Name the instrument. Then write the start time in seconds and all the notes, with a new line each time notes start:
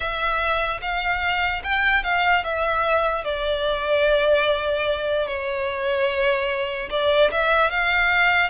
violin
0.00 E5
0.81 F5
1.63 G5
2.03 F5
2.44 E5
3.24 D5
5.27 C#5
6.90 D5
7.31 E5
7.70 F5